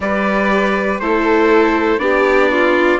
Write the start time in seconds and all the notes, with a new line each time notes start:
0.00 G3 G4 B4 D5
0.99 A3 E4 A4 C5
1.97 B3 D4 G4 D5
2.51 F4